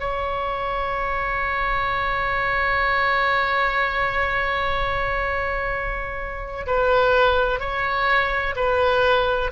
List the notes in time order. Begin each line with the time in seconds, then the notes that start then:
0.00 C#5
6.67 B4
7.60 C#5
8.56 B4